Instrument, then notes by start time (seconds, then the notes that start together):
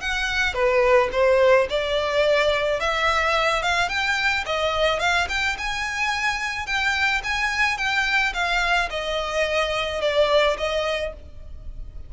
violin
0.00 F#5
0.54 B4
1.12 C5
1.69 D5
2.80 E5
3.62 F5
3.88 G5
4.45 D#5
4.99 F5
5.29 G5
5.58 G#5
6.66 G5
7.23 G#5
7.77 G5
8.33 F5
8.90 D#5
10.01 D5
10.58 D#5